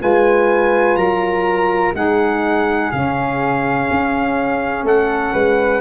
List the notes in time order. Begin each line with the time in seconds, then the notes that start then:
0.00 G#3 F4 B4 G#5
0.95 F#3 A#4 A#5
1.94 G#3 D#4 G#4 F#5
2.91 C#3 C#4 F5
3.90 C#4
4.83 A3 A4 F#5
5.33 G#3 B4